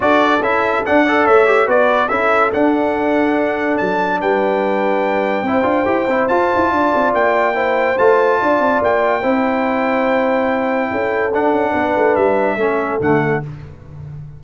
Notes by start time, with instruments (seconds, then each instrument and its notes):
0.00 tuba D4, trombone F#4, horn A4, trumpet D5
0.40 tuba C#4, trombone E4, trumpet E5
0.85 trombone D4, tuba D4, trumpet F#5
1.04 trombone A4, horn D5
1.25 tuba A3, horn C#5, trumpet E5
1.46 trombone G4
1.66 tuba B3, trombone F#4, horn B4, trumpet D5
2.08 tuba C#4, trombone E4, horn A4, trumpet E5
2.53 trombone D4, tuba D4, trumpet F#5
3.77 tuba F#3, trumpet A5
4.20 tuba G3, horn B4, trumpet G5
5.42 tuba C4, trombone E4, horn C5
5.62 tuba D4, trombone F4
5.85 tuba E4, trombone G4
6.07 tuba C4, trombone E4
6.28 trombone F4, tuba F4, trumpet A5
6.55 tuba E4
6.71 tuba D4, horn D5
6.94 tuba C4
7.13 tuba A#3, trumpet G5
7.54 trombone E4, horn C5
7.98 tuba A3, trombone F4, trumpet A5
8.39 tuba D4, horn D5
8.59 tuba C4
8.81 tuba A#3, trumpet G5
9.21 tuba C4, trombone E4, horn C5
10.90 tuba C#4, horn A4
11.33 trombone D4, tuba D4, trumpet F#5
11.51 tuba C#4
11.71 tuba B3, horn B4
11.97 tuba A3
12.15 tuba G3, trumpet E5
12.56 tuba A3, trombone C#4, horn A4
13.00 tuba D3, trombone A3, trumpet F#5